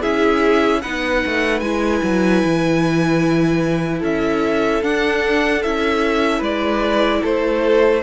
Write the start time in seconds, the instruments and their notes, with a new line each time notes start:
0.00 cello C#4, viola E4, violin G#4 E5
0.81 cello B3, viola D#4, violin B4 F#5
1.26 cello A3
1.59 cello G#3, viola E4, violin G#5
2.03 cello F#3
2.44 cello E3
3.98 cello C#4, violin A4
4.04 violin E5
4.82 viola D4, cello D4, violin F#5
5.62 cello C#4, viola E4, violin E5
6.38 cello G#3, violin B4 D5
7.22 cello A3, violin A4 C5